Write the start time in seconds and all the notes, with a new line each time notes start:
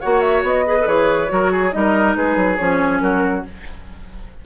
0.00 A#3 F#4 C#5 F#5
0.20 E5
0.42 B3 D#5
0.66 G#4 B4
0.80 A4
0.86 E3 G#4 C#5
1.27 F#3 F#4 A#4
1.51 G#4
1.71 G3 D#4 A#4 D#5
2.16 G#3 G#4 B4
2.36 F#3
2.56 F3 C#4 C#5
3.00 F#3 F#4 A#4